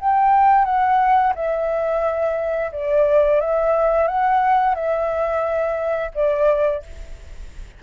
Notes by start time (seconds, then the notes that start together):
0.00 G5
0.65 F#5
1.35 E5
2.72 D5
3.41 E5
4.08 F#5
4.75 E5
6.15 D5